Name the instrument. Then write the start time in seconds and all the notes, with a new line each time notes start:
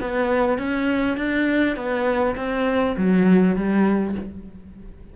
cello
0.00 B3
0.58 C#4
1.17 D4
1.76 B3
2.36 C4
2.97 F#3
3.55 G3